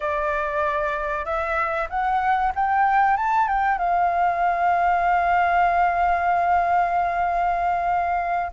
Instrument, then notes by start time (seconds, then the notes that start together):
flute
0.00 D5
1.25 E5
1.89 F#5
2.55 G5
3.17 A5
3.47 G5
3.78 F5